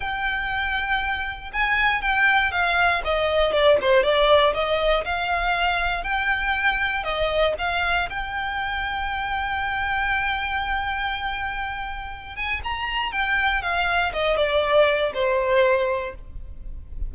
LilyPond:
\new Staff \with { instrumentName = "violin" } { \time 4/4 \tempo 4 = 119 g''2. gis''4 | g''4 f''4 dis''4 d''8 c''8 | d''4 dis''4 f''2 | g''2 dis''4 f''4 |
g''1~ | g''1~ | g''8 gis''8 ais''4 g''4 f''4 | dis''8 d''4. c''2 | }